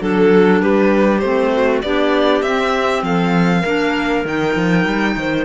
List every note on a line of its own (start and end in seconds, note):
0.00 0.62 F#3
0.00 1.21 D4
0.00 0.61 A4
0.00 0.62 A4
0.61 1.22 G3
0.61 1.52 G4
0.61 1.19 B4
1.19 1.83 A3
1.19 1.84 C4
1.19 1.79 C5
1.52 1.83 F#4
1.82 2.42 B3
1.82 2.45 D4
1.82 3.05 G4
1.82 2.42 D5
2.42 3.03 C4
2.42 3.66 C4
2.42 3.03 E5
3.03 3.63 F3
3.03 3.61 A4
3.03 4.26 F5
3.61 4.25 A#3
3.61 4.26 D4
3.61 5.12 A#4
4.25 4.55 D#3
4.25 5.45 D#4
4.25 5.45 G5
4.56 4.85 F3
4.85 5.16 G3
5.16 5.45 D#3
5.16 5.45 C5